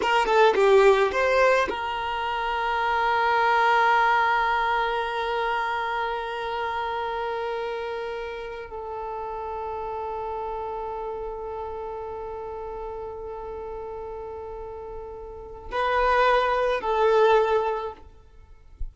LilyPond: \new Staff \with { instrumentName = "violin" } { \time 4/4 \tempo 4 = 107 ais'8 a'8 g'4 c''4 ais'4~ | ais'1~ | ais'1~ | ais'2.~ ais'8 a'8~ |
a'1~ | a'1~ | a'1 | b'2 a'2 | }